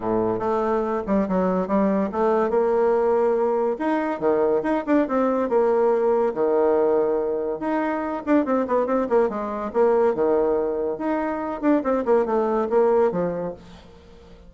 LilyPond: \new Staff \with { instrumentName = "bassoon" } { \time 4/4 \tempo 4 = 142 a,4 a4. g8 fis4 | g4 a4 ais2~ | ais4 dis'4 dis4 dis'8 d'8 | c'4 ais2 dis4~ |
dis2 dis'4. d'8 | c'8 b8 c'8 ais8 gis4 ais4 | dis2 dis'4. d'8 | c'8 ais8 a4 ais4 f4 | }